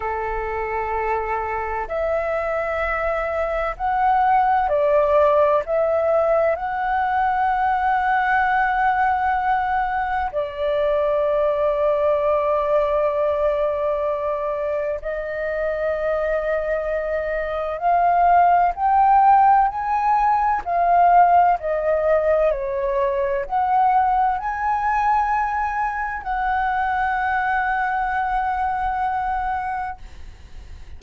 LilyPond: \new Staff \with { instrumentName = "flute" } { \time 4/4 \tempo 4 = 64 a'2 e''2 | fis''4 d''4 e''4 fis''4~ | fis''2. d''4~ | d''1 |
dis''2. f''4 | g''4 gis''4 f''4 dis''4 | cis''4 fis''4 gis''2 | fis''1 | }